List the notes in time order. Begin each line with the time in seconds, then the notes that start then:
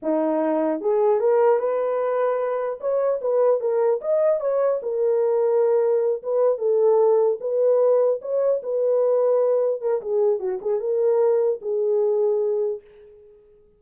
0.02 D#4
0.80 G#4
1.20 A#4
1.59 B4
2.80 C#5
3.21 B4
3.60 A#4
4.01 D#5
4.40 C#5
4.82 A#4
6.22 B4
6.58 A4
7.40 B4
8.21 C#5
8.62 B4
9.81 A#4
10.01 G#4
10.39 F#4
10.61 G#4
10.79 A#4
11.61 G#4